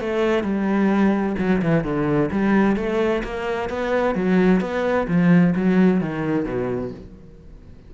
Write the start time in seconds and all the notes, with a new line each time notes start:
0.00 A3
0.43 G3
1.38 F#3
1.61 E3
1.83 D3
2.31 G3
2.76 A3
3.23 A#3
3.69 B3
4.15 F#3
4.60 B3
5.07 F3
5.55 F#3
6.00 D#3
6.44 B2